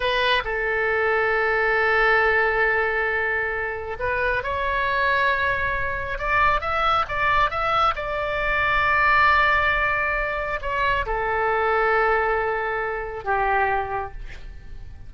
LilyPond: \new Staff \with { instrumentName = "oboe" } { \time 4/4 \tempo 4 = 136 b'4 a'2.~ | a'1~ | a'4 b'4 cis''2~ | cis''2 d''4 e''4 |
d''4 e''4 d''2~ | d''1 | cis''4 a'2.~ | a'2 g'2 | }